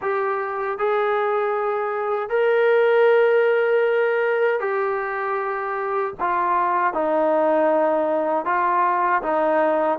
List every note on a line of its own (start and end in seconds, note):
0.01 0.78 G4
0.78 2.29 G#4
2.29 4.60 A#4
4.60 6.14 G4
6.20 6.93 F4
6.93 8.45 D#4
8.45 9.22 F4
9.22 9.98 D#4